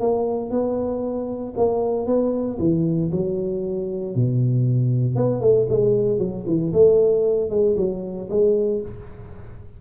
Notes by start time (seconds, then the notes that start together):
0.00 A#3
0.51 B3
1.57 A#3
2.07 B3
2.59 E3
3.12 F#3
4.15 B2
5.16 B3
5.41 A3
5.69 G#3
6.19 F#3
6.47 E3
6.73 A3
7.50 G#3
7.77 F#3
8.30 G#3